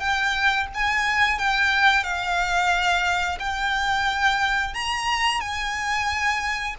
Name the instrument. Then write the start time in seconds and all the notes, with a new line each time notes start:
violin
0.00 G5
0.74 G#5
1.39 G5
2.04 F5
3.40 G5
4.75 A#5
5.41 G#5